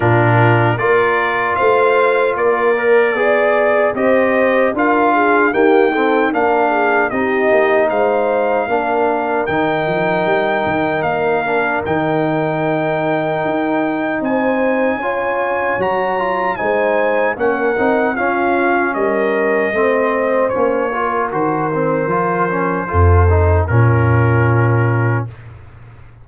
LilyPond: <<
  \new Staff \with { instrumentName = "trumpet" } { \time 4/4 \tempo 4 = 76 ais'4 d''4 f''4 d''4~ | d''4 dis''4 f''4 g''4 | f''4 dis''4 f''2 | g''2 f''4 g''4~ |
g''2 gis''2 | ais''4 gis''4 fis''4 f''4 | dis''2 cis''4 c''4~ | c''2 ais'2 | }
  \new Staff \with { instrumentName = "horn" } { \time 4/4 f'4 ais'4 c''4 ais'4 | d''4 c''4 ais'8 gis'8 g'8 a'8 | ais'8 gis'8 g'4 c''4 ais'4~ | ais'1~ |
ais'2 c''4 cis''4~ | cis''4 c''4 ais'4 f'4 | ais'4 c''4. ais'4.~ | ais'4 a'4 f'2 | }
  \new Staff \with { instrumentName = "trombone" } { \time 4/4 d'4 f'2~ f'8 ais'8 | gis'4 g'4 f'4 ais8 c'8 | d'4 dis'2 d'4 | dis'2~ dis'8 d'8 dis'4~ |
dis'2. f'4 | fis'8 f'8 dis'4 cis'8 dis'8 cis'4~ | cis'4 c'4 cis'8 f'8 fis'8 c'8 | f'8 cis'8 f'8 dis'8 cis'2 | }
  \new Staff \with { instrumentName = "tuba" } { \time 4/4 ais,4 ais4 a4 ais4 | b4 c'4 d'4 dis'4 | ais4 c'8 ais8 gis4 ais4 | dis8 f8 g8 dis8 ais4 dis4~ |
dis4 dis'4 c'4 cis'4 | fis4 gis4 ais8 c'8 cis'4 | g4 a4 ais4 dis4 | f4 f,4 ais,2 | }
>>